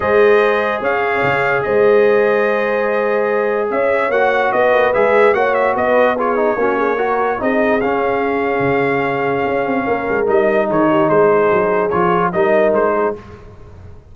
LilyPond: <<
  \new Staff \with { instrumentName = "trumpet" } { \time 4/4 \tempo 4 = 146 dis''2 f''2 | dis''1~ | dis''4 e''4 fis''4 dis''4 | e''4 fis''8 e''8 dis''4 cis''4~ |
cis''2 dis''4 f''4~ | f''1~ | f''4 dis''4 cis''4 c''4~ | c''4 cis''4 dis''4 c''4 | }
  \new Staff \with { instrumentName = "horn" } { \time 4/4 c''2 cis''2 | c''1~ | c''4 cis''2 b'4~ | b'4 cis''4 b'4 gis'4 |
fis'8 gis'8 ais'4 gis'2~ | gis'1 | ais'2 gis'8 g'8 gis'4~ | gis'2 ais'4. gis'8 | }
  \new Staff \with { instrumentName = "trombone" } { \time 4/4 gis'1~ | gis'1~ | gis'2 fis'2 | gis'4 fis'2 f'8 dis'8 |
cis'4 fis'4 dis'4 cis'4~ | cis'1~ | cis'4 dis'2.~ | dis'4 f'4 dis'2 | }
  \new Staff \with { instrumentName = "tuba" } { \time 4/4 gis2 cis'4 cis4 | gis1~ | gis4 cis'4 ais4 b8 ais8 | gis4 ais4 b2 |
ais2 c'4 cis'4~ | cis'4 cis2 cis'8 c'8 | ais8 gis8 g4 dis4 gis4 | fis4 f4 g4 gis4 | }
>>